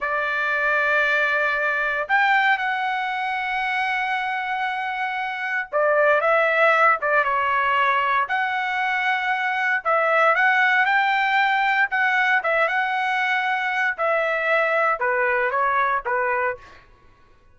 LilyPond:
\new Staff \with { instrumentName = "trumpet" } { \time 4/4 \tempo 4 = 116 d''1 | g''4 fis''2.~ | fis''2. d''4 | e''4. d''8 cis''2 |
fis''2. e''4 | fis''4 g''2 fis''4 | e''8 fis''2~ fis''8 e''4~ | e''4 b'4 cis''4 b'4 | }